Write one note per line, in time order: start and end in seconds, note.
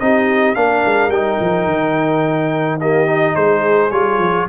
0.00 0.56 C4
0.00 0.55 D#4
0.00 0.58 G4
0.00 0.55 D#5
0.55 0.84 A#3
0.55 1.11 D4
0.55 2.81 A#4
0.55 1.11 F5
0.86 1.08 G#3
1.08 1.36 G3
1.08 2.81 D#4
1.08 2.79 G5
1.40 1.66 F3
1.66 3.35 D#3
2.80 3.07 A#3
2.80 3.35 G4
2.80 3.36 D#5
3.07 3.91 D#4
3.35 3.91 G#3
3.35 4.47 G#4
3.35 3.91 C5
3.91 4.19 G3
3.91 4.48 F4
3.91 4.47 C#5
4.19 4.47 F3